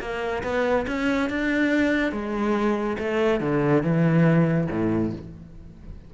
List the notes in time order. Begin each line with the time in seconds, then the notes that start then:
0.00 A#3
0.43 B3
0.87 C#4
1.29 D4
2.12 G#3
2.98 A3
3.40 D3
3.82 E3
4.70 A2